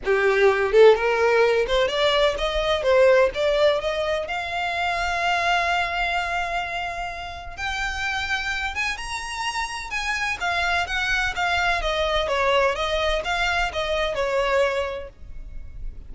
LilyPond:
\new Staff \with { instrumentName = "violin" } { \time 4/4 \tempo 4 = 127 g'4. a'8 ais'4. c''8 | d''4 dis''4 c''4 d''4 | dis''4 f''2.~ | f''1 |
g''2~ g''8 gis''8 ais''4~ | ais''4 gis''4 f''4 fis''4 | f''4 dis''4 cis''4 dis''4 | f''4 dis''4 cis''2 | }